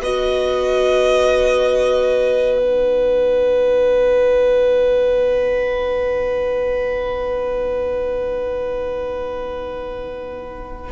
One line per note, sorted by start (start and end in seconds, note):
0.00 10.91 B3
0.00 2.59 F#4
0.00 10.91 B4
0.00 2.57 D#5
2.57 10.91 D#4
2.57 10.91 F#5